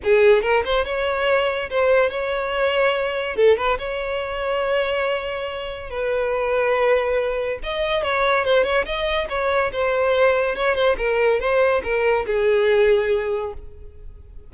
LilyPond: \new Staff \with { instrumentName = "violin" } { \time 4/4 \tempo 4 = 142 gis'4 ais'8 c''8 cis''2 | c''4 cis''2. | a'8 b'8 cis''2.~ | cis''2 b'2~ |
b'2 dis''4 cis''4 | c''8 cis''8 dis''4 cis''4 c''4~ | c''4 cis''8 c''8 ais'4 c''4 | ais'4 gis'2. | }